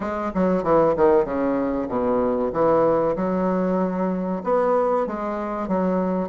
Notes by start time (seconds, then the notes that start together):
0.00 G#3
0.34 F#3
0.63 E3
0.96 D#3
1.25 C#3
1.88 B2
2.52 E3
3.16 F#3
4.43 B3
5.07 G#3
5.68 F#3